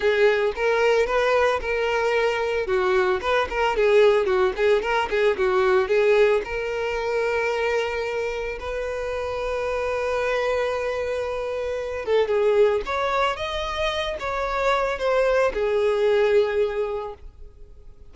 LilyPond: \new Staff \with { instrumentName = "violin" } { \time 4/4 \tempo 4 = 112 gis'4 ais'4 b'4 ais'4~ | ais'4 fis'4 b'8 ais'8 gis'4 | fis'8 gis'8 ais'8 gis'8 fis'4 gis'4 | ais'1 |
b'1~ | b'2~ b'8 a'8 gis'4 | cis''4 dis''4. cis''4. | c''4 gis'2. | }